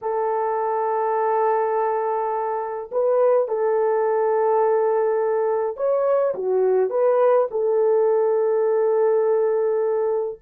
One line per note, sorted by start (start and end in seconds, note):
0.01 2.90 A4
2.91 3.48 B4
3.48 5.76 A4
5.76 6.34 C#5
6.34 6.90 F#4
6.90 7.47 B4
7.51 10.39 A4